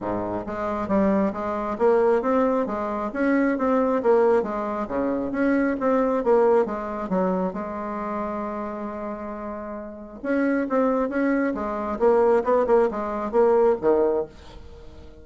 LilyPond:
\new Staff \with { instrumentName = "bassoon" } { \time 4/4 \tempo 4 = 135 gis,4 gis4 g4 gis4 | ais4 c'4 gis4 cis'4 | c'4 ais4 gis4 cis4 | cis'4 c'4 ais4 gis4 |
fis4 gis2.~ | gis2. cis'4 | c'4 cis'4 gis4 ais4 | b8 ais8 gis4 ais4 dis4 | }